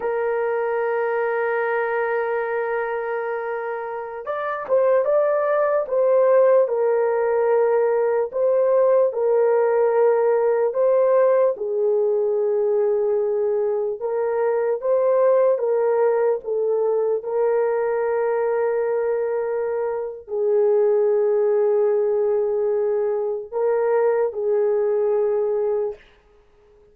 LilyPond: \new Staff \with { instrumentName = "horn" } { \time 4/4 \tempo 4 = 74 ais'1~ | ais'4~ ais'16 d''8 c''8 d''4 c''8.~ | c''16 ais'2 c''4 ais'8.~ | ais'4~ ais'16 c''4 gis'4.~ gis'16~ |
gis'4~ gis'16 ais'4 c''4 ais'8.~ | ais'16 a'4 ais'2~ ais'8.~ | ais'4 gis'2.~ | gis'4 ais'4 gis'2 | }